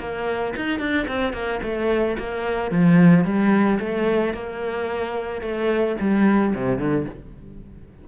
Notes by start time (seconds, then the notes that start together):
0.00 A#3
0.57 D#4
0.80 D4
1.08 C4
1.33 A#3
1.63 A3
2.19 A#3
2.71 F3
3.25 G3
3.80 A3
4.34 A#3
5.42 A3
6.00 G3
6.55 C3
6.79 D3